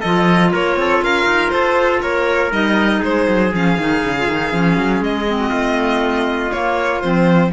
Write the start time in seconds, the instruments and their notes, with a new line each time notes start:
0.00 cello F3, clarinet F4, trumpet A4, violin D#5
0.52 cello A#3, trumpet A#4, violin C#5
0.76 cello C4, trumpet A4
1.02 cello C#4, trumpet A#4, violin F5
1.25 cello D#4
1.49 cello F4, trumpet A4, violin C5
2.01 cello A#3, trumpet A#4, violin C#5
2.51 cello G3, clarinet D#4, violin D#5
2.99 cello G#3, trumpet G#4, violin C5
3.27 cello F#3
3.52 cello F3, clarinet C#4, violin F5
3.78 cello D#3, clarinet D#4
4.03 cello C#3
4.18 clarinet F4
4.27 cello D#3, clarinet D#4
4.51 cello F3, clarinet C#4
4.77 cello F#3
5.00 cello G#3, violin D#5
5.27 clarinet C4
5.39 trumpet F#4
5.49 cello A3, trumpet F4
6.51 clarinet A#3, cello A#3, violin C#5
7.01 cello F3, clarinet C4, violin C5